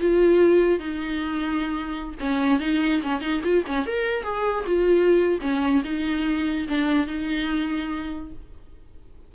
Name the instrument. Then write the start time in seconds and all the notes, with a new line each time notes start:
viola
0.00 F4
0.79 D#4
2.20 C#4
2.60 D#4
3.02 C#4
3.21 D#4
3.43 F4
3.67 C#4
3.87 A#4
4.23 G#4
4.66 F4
5.41 C#4
5.84 D#4
6.68 D4
7.07 D#4